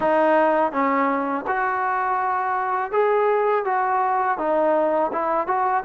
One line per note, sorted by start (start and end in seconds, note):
0.00 0.72 D#4
0.72 1.45 C#4
1.47 2.91 F#4
2.91 3.65 G#4
3.65 4.37 F#4
4.37 5.11 D#4
5.12 5.47 E4
5.47 5.83 F#4